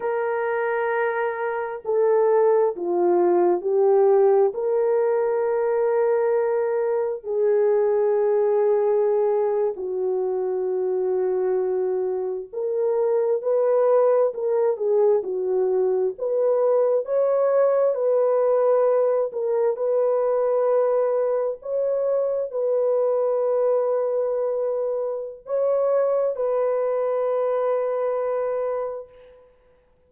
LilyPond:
\new Staff \with { instrumentName = "horn" } { \time 4/4 \tempo 4 = 66 ais'2 a'4 f'4 | g'4 ais'2. | gis'2~ gis'8. fis'4~ fis'16~ | fis'4.~ fis'16 ais'4 b'4 ais'16~ |
ais'16 gis'8 fis'4 b'4 cis''4 b'16~ | b'4~ b'16 ais'8 b'2 cis''16~ | cis''8. b'2.~ b'16 | cis''4 b'2. | }